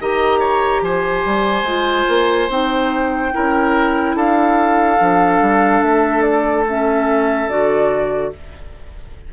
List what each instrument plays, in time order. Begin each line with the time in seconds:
0.00 bassoon D#3, clarinet G4, oboe D#5, flute A#5
0.40 oboe C#5
0.82 bassoon F3, oboe C5, flute G#5
1.26 bassoon G3
1.63 bassoon G#3, clarinet F4
2.09 bassoon A#3
2.49 bassoon C4, clarinet D#4, flute G5
3.32 bassoon C#4, clarinet E4, oboe A#4
4.15 bassoon D4, oboe A4, flute F5
4.98 bassoon F3, clarinet D4
5.41 bassoon G3
5.82 bassoon A3, flute E5
6.22 flute D5
6.68 clarinet C#4, flute E5
7.49 bassoon D3, clarinet F#4, flute D5